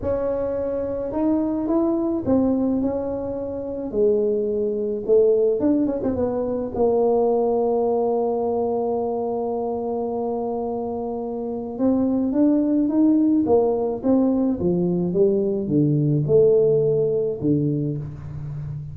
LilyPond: \new Staff \with { instrumentName = "tuba" } { \time 4/4 \tempo 4 = 107 cis'2 dis'4 e'4 | c'4 cis'2 gis4~ | gis4 a4 d'8 cis'16 c'16 b4 | ais1~ |
ais1~ | ais4 c'4 d'4 dis'4 | ais4 c'4 f4 g4 | d4 a2 d4 | }